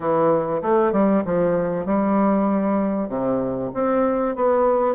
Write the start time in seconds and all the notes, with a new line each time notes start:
0.00 E3
0.62 A3
0.92 G3
1.25 F3
1.85 G3
3.08 C3
3.73 C4
4.35 B3